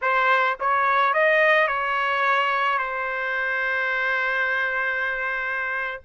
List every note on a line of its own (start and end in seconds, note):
0.01 0.57 C5
0.60 1.13 C#5
1.13 1.67 D#5
1.67 2.78 C#5
2.78 6.00 C5